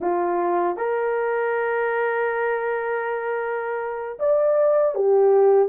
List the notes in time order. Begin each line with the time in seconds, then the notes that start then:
0.00 F4
0.76 A#4
4.19 D5
4.94 G4